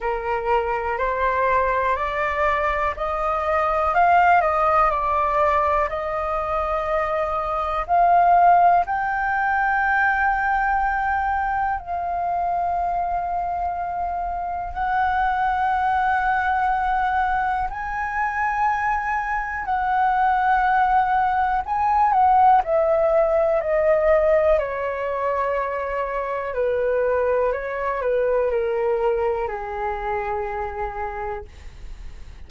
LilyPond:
\new Staff \with { instrumentName = "flute" } { \time 4/4 \tempo 4 = 61 ais'4 c''4 d''4 dis''4 | f''8 dis''8 d''4 dis''2 | f''4 g''2. | f''2. fis''4~ |
fis''2 gis''2 | fis''2 gis''8 fis''8 e''4 | dis''4 cis''2 b'4 | cis''8 b'8 ais'4 gis'2 | }